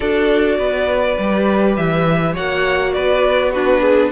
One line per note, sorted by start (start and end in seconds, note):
0.00 0.58 D4
0.00 1.18 F#4
0.00 0.57 A4
0.00 1.74 D5
0.58 1.17 B3
0.58 2.33 B4
1.18 1.77 G3
1.18 2.37 G4
1.76 2.36 E3
1.76 2.35 E5
2.33 2.96 A#3
2.33 3.54 F#4
2.33 2.92 C#5
2.33 2.93 F#5
2.93 4.12 B3
2.93 3.52 B4
2.93 3.51 D5
3.52 4.12 D4
3.52 3.81 F#4
3.52 4.11 B4
3.81 4.10 G#4